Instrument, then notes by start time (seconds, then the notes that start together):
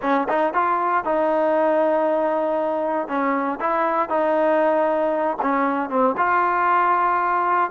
trombone
0.01 C#4
0.28 D#4
0.53 F4
1.04 D#4
3.07 C#4
3.60 E4
4.09 D#4
5.42 C#4
5.89 C4
6.17 F4